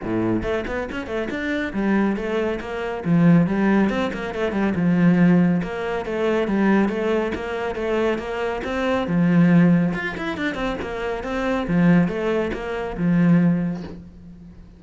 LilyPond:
\new Staff \with { instrumentName = "cello" } { \time 4/4 \tempo 4 = 139 a,4 a8 b8 cis'8 a8 d'4 | g4 a4 ais4 f4 | g4 c'8 ais8 a8 g8 f4~ | f4 ais4 a4 g4 |
a4 ais4 a4 ais4 | c'4 f2 f'8 e'8 | d'8 c'8 ais4 c'4 f4 | a4 ais4 f2 | }